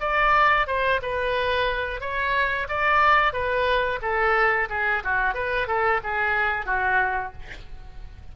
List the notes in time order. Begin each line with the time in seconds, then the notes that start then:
0.00 D5
0.67 C5
1.02 B4
2.01 C#5
2.68 D5
3.33 B4
4.02 A4
4.69 G#4
5.04 F#4
5.34 B4
5.67 A4
6.03 G#4
6.66 F#4